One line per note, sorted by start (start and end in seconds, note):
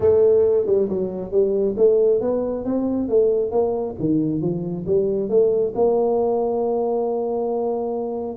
0.00 0.66 A3
0.66 0.88 G3
0.89 1.31 F#3
1.31 1.75 G3
1.77 2.20 A3
2.20 2.64 B3
2.64 3.08 C4
3.08 3.51 A3
3.51 3.95 A#3
3.99 4.41 D#3
4.41 4.85 F3
4.86 5.29 G3
5.29 5.73 A3
5.75 8.37 A#3